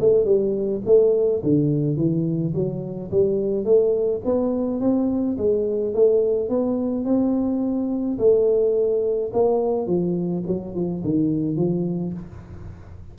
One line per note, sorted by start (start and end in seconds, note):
0.00 0.25 A3
0.25 0.82 G3
0.85 1.42 A3
1.43 1.96 D3
1.96 2.53 E3
2.54 3.11 F#3
3.11 3.65 G3
3.65 4.21 A3
4.25 4.81 B3
4.81 5.37 C4
5.38 5.94 G#3
5.94 6.49 A3
6.49 7.05 B3
7.05 8.18 C4
8.18 9.32 A3
9.33 9.87 A#3
9.87 10.43 F3
10.47 10.75 F#3
10.75 11.03 F3
11.04 11.56 D#3
11.56 12.13 F3